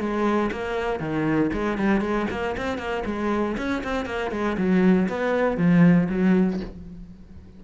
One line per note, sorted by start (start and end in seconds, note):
0.00 0.51 G#3
0.52 1.00 A#3
1.00 1.51 D#3
1.53 1.78 G#3
1.78 2.01 G3
2.01 2.27 G#3
2.31 2.56 A#3
2.58 2.78 C4
2.78 3.04 A#3
3.06 3.57 G#3
3.58 3.83 C#4
3.84 4.06 C4
4.06 4.32 A#3
4.32 4.57 G#3
4.58 5.09 F#3
5.09 5.58 B3
5.58 6.09 F3
6.10 6.61 F#3